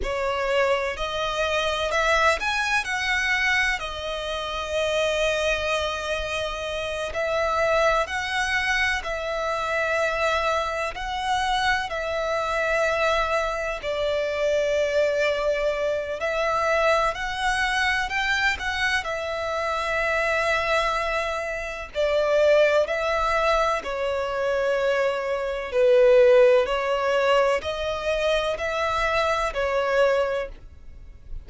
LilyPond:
\new Staff \with { instrumentName = "violin" } { \time 4/4 \tempo 4 = 63 cis''4 dis''4 e''8 gis''8 fis''4 | dis''2.~ dis''8 e''8~ | e''8 fis''4 e''2 fis''8~ | fis''8 e''2 d''4.~ |
d''4 e''4 fis''4 g''8 fis''8 | e''2. d''4 | e''4 cis''2 b'4 | cis''4 dis''4 e''4 cis''4 | }